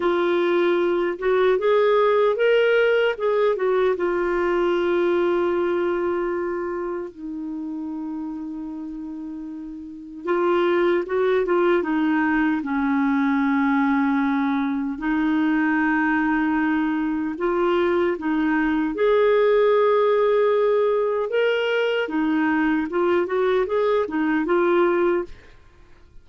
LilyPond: \new Staff \with { instrumentName = "clarinet" } { \time 4/4 \tempo 4 = 76 f'4. fis'8 gis'4 ais'4 | gis'8 fis'8 f'2.~ | f'4 dis'2.~ | dis'4 f'4 fis'8 f'8 dis'4 |
cis'2. dis'4~ | dis'2 f'4 dis'4 | gis'2. ais'4 | dis'4 f'8 fis'8 gis'8 dis'8 f'4 | }